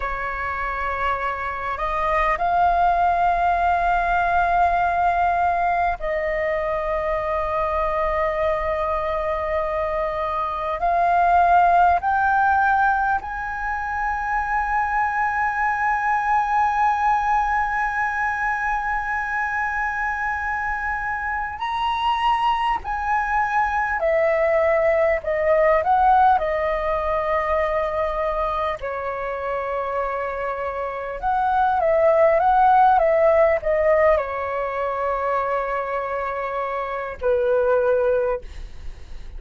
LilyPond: \new Staff \with { instrumentName = "flute" } { \time 4/4 \tempo 4 = 50 cis''4. dis''8 f''2~ | f''4 dis''2.~ | dis''4 f''4 g''4 gis''4~ | gis''1~ |
gis''2 ais''4 gis''4 | e''4 dis''8 fis''8 dis''2 | cis''2 fis''8 e''8 fis''8 e''8 | dis''8 cis''2~ cis''8 b'4 | }